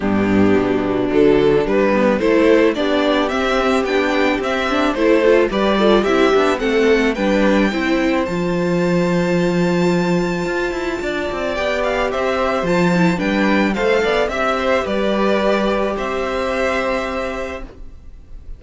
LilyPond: <<
  \new Staff \with { instrumentName = "violin" } { \time 4/4 \tempo 4 = 109 g'2 a'4 b'4 | c''4 d''4 e''4 g''4 | e''4 c''4 d''4 e''4 | fis''4 g''2 a''4~ |
a''1~ | a''4 g''8 f''8 e''4 a''4 | g''4 f''4 e''4 d''4~ | d''4 e''2. | }
  \new Staff \with { instrumentName = "violin" } { \time 4/4 d'1 | a'4 g'2.~ | g'4 a'4 b'8 a'8 g'4 | a'4 b'4 c''2~ |
c''1 | d''2 c''2 | b'4 c''8 d''8 e''8 c''8 b'4~ | b'4 c''2. | }
  \new Staff \with { instrumentName = "viola" } { \time 4/4 b2 fis4 g8 b8 | e'4 d'4 c'4 d'4 | c'8 d'8 e'8 f'8 g'8 f'8 e'8 d'8 | c'4 d'4 e'4 f'4~ |
f'1~ | f'4 g'2 f'8 e'8 | d'4 a'4 g'2~ | g'1 | }
  \new Staff \with { instrumentName = "cello" } { \time 4/4 g,4 b,4 d4 g4 | a4 b4 c'4 b4 | c'4 a4 g4 c'8 b8 | a4 g4 c'4 f4~ |
f2. f'8 e'8 | d'8 c'8 b4 c'4 f4 | g4 a8 b8 c'4 g4~ | g4 c'2. | }
>>